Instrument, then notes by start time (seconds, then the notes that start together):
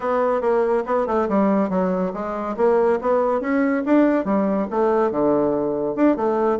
bassoon
0.00 B3
0.41 A#3
0.85 B3
1.06 A3
1.28 G3
1.69 F#3
2.13 G#3
2.56 A#3
3.01 B3
3.40 C#4
3.85 D4
4.25 G3
4.70 A3
5.11 D3
5.95 D4
6.16 A3